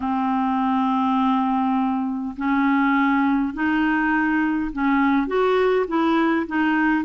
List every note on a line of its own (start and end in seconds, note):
0.00 2.35 C4
2.36 3.53 C#4
3.53 4.71 D#4
4.72 5.27 C#4
5.27 5.86 F#4
5.87 6.46 E4
6.47 7.04 D#4